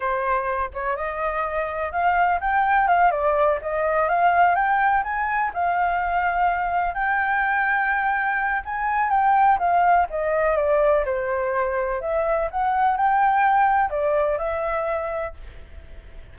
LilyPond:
\new Staff \with { instrumentName = "flute" } { \time 4/4 \tempo 4 = 125 c''4. cis''8 dis''2 | f''4 g''4 f''8 d''4 dis''8~ | dis''8 f''4 g''4 gis''4 f''8~ | f''2~ f''8 g''4.~ |
g''2 gis''4 g''4 | f''4 dis''4 d''4 c''4~ | c''4 e''4 fis''4 g''4~ | g''4 d''4 e''2 | }